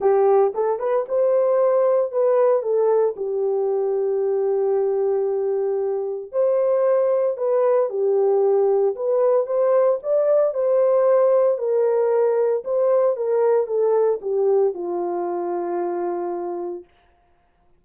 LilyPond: \new Staff \with { instrumentName = "horn" } { \time 4/4 \tempo 4 = 114 g'4 a'8 b'8 c''2 | b'4 a'4 g'2~ | g'1 | c''2 b'4 g'4~ |
g'4 b'4 c''4 d''4 | c''2 ais'2 | c''4 ais'4 a'4 g'4 | f'1 | }